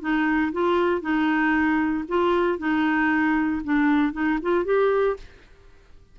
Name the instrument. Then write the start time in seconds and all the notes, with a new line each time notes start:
clarinet
0.00 D#4
0.52 F4
1.01 D#4
2.08 F4
2.58 D#4
3.64 D4
4.13 D#4
4.42 F4
4.65 G4